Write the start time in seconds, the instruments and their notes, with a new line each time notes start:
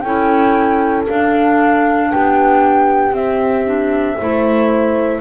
0.00 double bass C#4, clarinet E4, horn A4, flute G5
1.07 clarinet D4, double bass D4, flute F5
2.11 double bass B3, horn G4, flute G5
3.11 clarinet C4, double bass C4, flute E5
3.65 clarinet D4
4.19 double bass A3, clarinet E4, horn C5